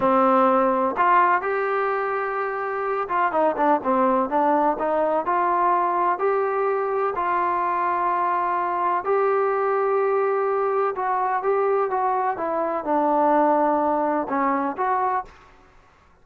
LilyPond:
\new Staff \with { instrumentName = "trombone" } { \time 4/4 \tempo 4 = 126 c'2 f'4 g'4~ | g'2~ g'8 f'8 dis'8 d'8 | c'4 d'4 dis'4 f'4~ | f'4 g'2 f'4~ |
f'2. g'4~ | g'2. fis'4 | g'4 fis'4 e'4 d'4~ | d'2 cis'4 fis'4 | }